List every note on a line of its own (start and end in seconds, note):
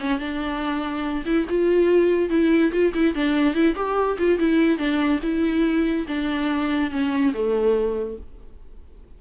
0.00 0.19 C#4
0.19 1.24 D4
1.26 1.47 E4
1.50 2.30 F4
2.30 2.72 E4
2.72 2.93 F4
2.94 3.15 E4
3.15 3.55 D4
3.55 3.76 E4
3.76 4.18 G4
4.19 4.39 F4
4.39 4.78 E4
4.78 5.20 D4
5.23 6.07 E4
6.08 6.91 D4
6.91 7.33 C#4
7.34 8.17 A3